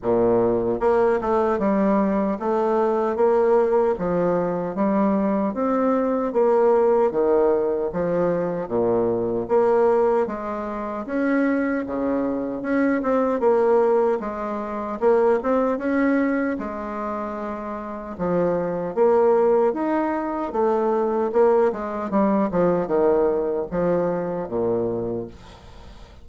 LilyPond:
\new Staff \with { instrumentName = "bassoon" } { \time 4/4 \tempo 4 = 76 ais,4 ais8 a8 g4 a4 | ais4 f4 g4 c'4 | ais4 dis4 f4 ais,4 | ais4 gis4 cis'4 cis4 |
cis'8 c'8 ais4 gis4 ais8 c'8 | cis'4 gis2 f4 | ais4 dis'4 a4 ais8 gis8 | g8 f8 dis4 f4 ais,4 | }